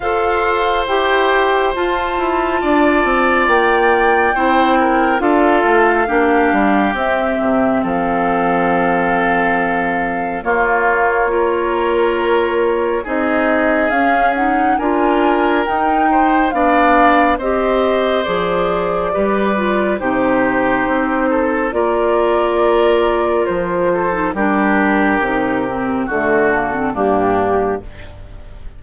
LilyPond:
<<
  \new Staff \with { instrumentName = "flute" } { \time 4/4 \tempo 4 = 69 f''4 g''4 a''2 | g''2 f''2 | e''4 f''2. | cis''2. dis''4 |
f''8 fis''8 gis''4 g''4 f''4 | dis''4 d''2 c''4~ | c''4 d''2 c''4 | ais'2 a'4 g'4 | }
  \new Staff \with { instrumentName = "oboe" } { \time 4/4 c''2. d''4~ | d''4 c''8 ais'8 a'4 g'4~ | g'4 a'2. | f'4 ais'2 gis'4~ |
gis'4 ais'4. c''8 d''4 | c''2 b'4 g'4~ | g'8 a'8 ais'2~ ais'8 a'8 | g'2 fis'4 d'4 | }
  \new Staff \with { instrumentName = "clarinet" } { \time 4/4 a'4 g'4 f'2~ | f'4 e'4 f'4 d'4 | c'1 | ais4 f'2 dis'4 |
cis'8 dis'8 f'4 dis'4 d'4 | g'4 gis'4 g'8 f'8 dis'4~ | dis'4 f'2~ f'8. dis'16 | d'4 dis'8 c'8 a8 ais16 c'16 ais4 | }
  \new Staff \with { instrumentName = "bassoon" } { \time 4/4 f'4 e'4 f'8 e'8 d'8 c'8 | ais4 c'4 d'8 a8 ais8 g8 | c'8 c8 f2. | ais2. c'4 |
cis'4 d'4 dis'4 b4 | c'4 f4 g4 c4 | c'4 ais2 f4 | g4 c4 d4 g,4 | }
>>